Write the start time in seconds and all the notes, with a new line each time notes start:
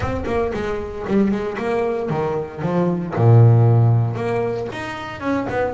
0.00 C4
0.26 A#3
0.53 G#3
1.07 G3
1.31 G#3
1.57 A#3
2.09 D#3
2.62 F3
3.15 A#2
4.15 A#3
4.72 D#4
5.20 C#4
5.49 B3